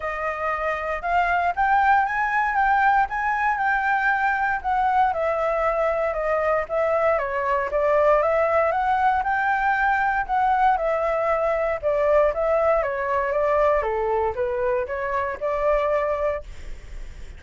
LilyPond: \new Staff \with { instrumentName = "flute" } { \time 4/4 \tempo 4 = 117 dis''2 f''4 g''4 | gis''4 g''4 gis''4 g''4~ | g''4 fis''4 e''2 | dis''4 e''4 cis''4 d''4 |
e''4 fis''4 g''2 | fis''4 e''2 d''4 | e''4 cis''4 d''4 a'4 | b'4 cis''4 d''2 | }